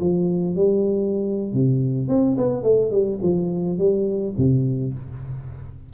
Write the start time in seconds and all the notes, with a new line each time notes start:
0.00 F3
0.55 G3
1.53 C3
2.08 C4
2.37 B3
2.63 A3
2.91 G3
3.22 F3
3.78 G3
4.37 C3